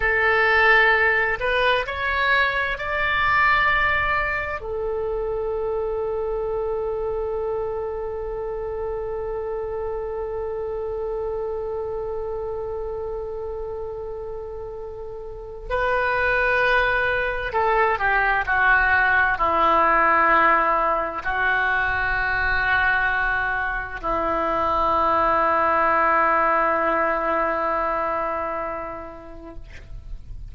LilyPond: \new Staff \with { instrumentName = "oboe" } { \time 4/4 \tempo 4 = 65 a'4. b'8 cis''4 d''4~ | d''4 a'2.~ | a'1~ | a'1~ |
a'4 b'2 a'8 g'8 | fis'4 e'2 fis'4~ | fis'2 e'2~ | e'1 | }